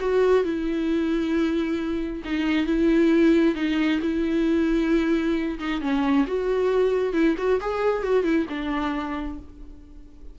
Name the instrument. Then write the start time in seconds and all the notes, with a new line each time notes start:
viola
0.00 F#4
0.44 E4
2.24 D#4
2.66 E4
3.55 D#4
4.02 E4
5.59 D#4
5.81 C#4
6.27 F#4
7.13 E4
7.38 F#4
7.61 G#4
8.03 F#4
8.24 E4
8.49 D4